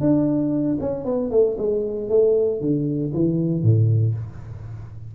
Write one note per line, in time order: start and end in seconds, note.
0.00 0.78 D4
0.80 1.04 C#4
1.04 1.30 B3
1.31 1.57 A3
1.58 2.09 G#3
2.09 2.61 A3
2.61 3.12 D3
3.13 3.62 E3
3.62 4.14 A2